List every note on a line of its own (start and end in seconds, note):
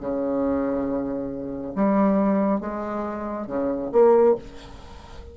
0.00 1.74 C#3
1.75 2.60 G3
2.60 3.47 G#3
3.47 3.90 C#3
3.92 4.35 A#3